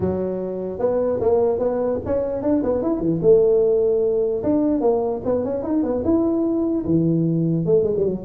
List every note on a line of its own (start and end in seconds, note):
0.00 0.79 F#3
0.79 1.19 B3
1.20 1.59 A#3
1.59 1.99 B3
2.05 2.42 C#4
2.42 2.62 D4
2.63 2.82 B3
2.82 2.99 E4
2.99 3.20 E3
3.22 4.42 A3
4.43 4.80 D4
4.80 5.21 A#3
5.24 5.44 B3
5.44 5.62 C#4
5.62 5.83 D#4
5.83 6.03 B3
6.04 6.85 E4
6.85 7.65 E3
7.65 7.83 A3
7.83 7.93 G#3
7.96 8.04 G3
8.04 8.24 F#3